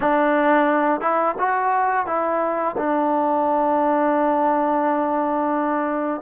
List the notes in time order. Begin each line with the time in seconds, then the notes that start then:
0.00 D4
1.00 E4
1.38 F#4
2.06 E4
2.77 D4